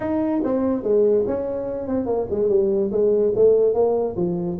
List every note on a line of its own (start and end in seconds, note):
0.00 0.42 D#4
0.44 0.83 C4
0.83 1.24 G#3
1.26 1.87 C#4
1.87 2.05 C4
2.05 2.26 A#3
2.30 2.49 G#3
2.49 2.90 G3
2.91 3.33 G#3
3.35 3.74 A3
3.74 4.15 A#3
4.16 4.58 F3